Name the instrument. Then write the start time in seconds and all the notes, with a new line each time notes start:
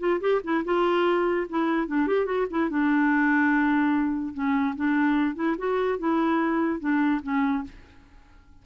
clarinet
0.00 F4
0.21 G4
0.44 E4
0.65 F4
1.50 E4
1.88 D4
2.07 G4
2.26 F#4
2.50 E4
2.70 D4
4.34 C#4
4.76 D4
5.36 E4
5.58 F#4
5.99 E4
6.80 D4
7.23 C#4